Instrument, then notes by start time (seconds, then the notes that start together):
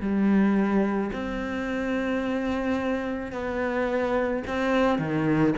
cello
0.00 G3
1.12 C4
3.32 B3
4.47 C4
4.98 D#3